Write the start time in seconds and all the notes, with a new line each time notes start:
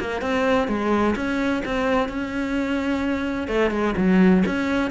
0.00 A#3
0.22 C4
0.68 G#3
1.16 C#4
1.65 C4
2.09 C#4
3.48 A3
3.71 G#3
3.97 F#3
4.46 C#4